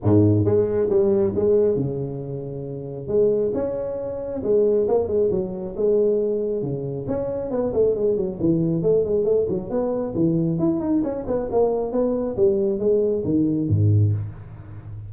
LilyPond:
\new Staff \with { instrumentName = "tuba" } { \time 4/4 \tempo 4 = 136 gis,4 gis4 g4 gis4 | cis2. gis4 | cis'2 gis4 ais8 gis8 | fis4 gis2 cis4 |
cis'4 b8 a8 gis8 fis8 e4 | a8 gis8 a8 fis8 b4 e4 | e'8 dis'8 cis'8 b8 ais4 b4 | g4 gis4 dis4 gis,4 | }